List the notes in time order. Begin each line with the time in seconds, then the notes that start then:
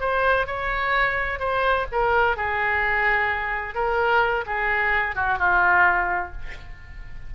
0.00 C5
0.46 C#5
1.39 C5
1.92 A#4
2.36 G#4
3.74 A#4
4.46 G#4
5.15 F#4
5.38 F4